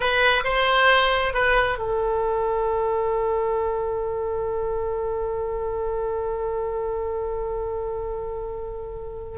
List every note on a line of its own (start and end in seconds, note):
0.00 0.43 B4
0.44 1.33 C5
1.33 1.78 B4
1.78 9.38 A4